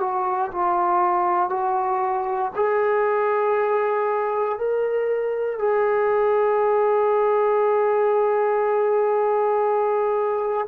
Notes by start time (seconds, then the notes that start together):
0.00 F#4
0.51 F4
1.49 F#4
2.55 G#4
4.58 A#4
5.58 G#4